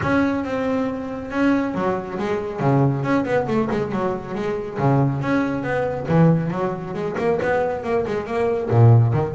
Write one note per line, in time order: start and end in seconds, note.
0.02 0.44 C#4
0.44 1.30 C4
1.30 1.74 C#4
1.74 2.18 F#3
2.18 2.60 G#3
2.60 3.03 C#3
3.03 3.25 C#4
3.25 3.47 B3
3.47 3.69 A3
3.71 3.92 G#3
3.92 4.34 F#3
4.34 4.78 G#3
4.78 5.21 C#3
5.21 5.63 C#4
5.63 6.06 B3
6.08 6.50 E3
6.50 6.94 F#3
6.94 7.15 G#3
7.18 7.39 A#3
7.42 7.83 B3
7.83 8.05 A#3
8.07 8.26 G#3
8.26 8.69 A#3
8.70 9.13 A#2
9.13 9.34 D#3